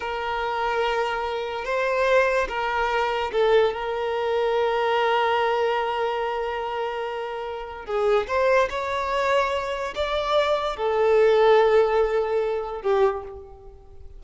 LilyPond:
\new Staff \with { instrumentName = "violin" } { \time 4/4 \tempo 4 = 145 ais'1 | c''2 ais'2 | a'4 ais'2.~ | ais'1~ |
ais'2. gis'4 | c''4 cis''2. | d''2 a'2~ | a'2. g'4 | }